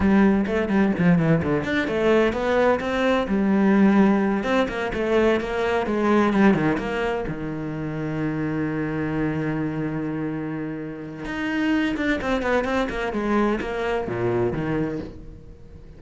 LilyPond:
\new Staff \with { instrumentName = "cello" } { \time 4/4 \tempo 4 = 128 g4 a8 g8 f8 e8 d8 d'8 | a4 b4 c'4 g4~ | g4. c'8 ais8 a4 ais8~ | ais8 gis4 g8 dis8 ais4 dis8~ |
dis1~ | dis1 | dis'4. d'8 c'8 b8 c'8 ais8 | gis4 ais4 ais,4 dis4 | }